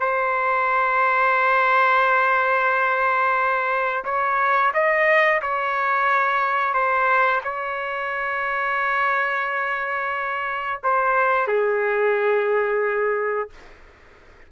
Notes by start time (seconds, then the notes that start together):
0.00 C5
4.05 C#5
4.74 D#5
5.42 C#5
6.74 C5
7.44 C#5
10.84 C5
11.48 G#4